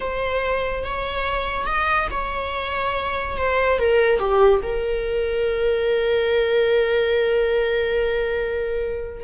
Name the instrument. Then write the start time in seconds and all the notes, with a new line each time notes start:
viola
0.00 C5
0.84 C#5
1.66 D#5
2.11 C#5
3.36 C5
3.78 A#4
4.19 G4
4.62 A#4